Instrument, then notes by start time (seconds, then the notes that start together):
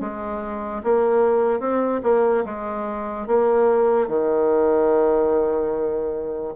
bassoon
0.00 G#3
0.83 A#3
1.60 C4
2.03 A#3
2.45 G#3
3.27 A#3
4.08 D#3